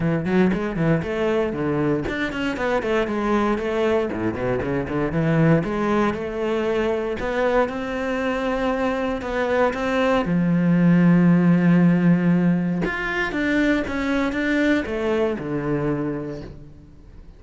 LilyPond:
\new Staff \with { instrumentName = "cello" } { \time 4/4 \tempo 4 = 117 e8 fis8 gis8 e8 a4 d4 | d'8 cis'8 b8 a8 gis4 a4 | a,8 b,8 cis8 d8 e4 gis4 | a2 b4 c'4~ |
c'2 b4 c'4 | f1~ | f4 f'4 d'4 cis'4 | d'4 a4 d2 | }